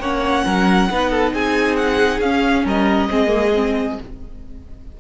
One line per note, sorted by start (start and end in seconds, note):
0.00 0.44 A#3
0.00 0.91 C#4
0.00 0.45 C#5
0.00 1.34 F#5
0.45 0.90 F#3
0.45 0.89 A#4
0.91 1.34 B3
0.91 2.23 D#4
0.91 1.11 B4
1.11 1.33 A4
1.34 2.20 C4
1.34 2.65 G#4
1.34 1.76 G#5
1.76 2.21 F#5
2.20 2.64 C#4
2.20 3.10 C#4
2.20 2.65 F5
2.65 3.09 G3
2.65 3.09 A#4
2.65 4.00 D#5
3.10 3.99 G#3
3.10 3.27 C4
3.10 4.00 G#4
3.27 3.50 A#3
3.55 3.99 C4